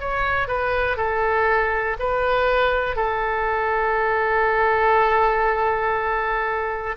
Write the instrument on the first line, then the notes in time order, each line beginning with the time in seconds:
oboe
0.00 C#5
0.47 B4
0.97 A4
1.99 B4
2.96 A4